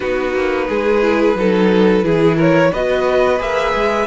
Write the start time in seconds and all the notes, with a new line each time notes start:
0.00 B3 D#4 F#4 B4
0.34 A#3
0.69 G#3 G#4
1.01 E4
1.35 F#3 D#4 A4
2.03 E3 E4 G#4
2.37 A#4 C#5
2.72 B3 F#4 B4 D#5
3.38 A#3 G#4 E5
3.74 G#3